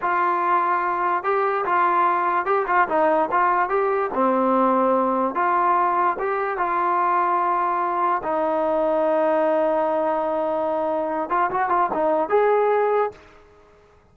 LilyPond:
\new Staff \with { instrumentName = "trombone" } { \time 4/4 \tempo 4 = 146 f'2. g'4 | f'2 g'8 f'8 dis'4 | f'4 g'4 c'2~ | c'4 f'2 g'4 |
f'1 | dis'1~ | dis'2.~ dis'8 f'8 | fis'8 f'8 dis'4 gis'2 | }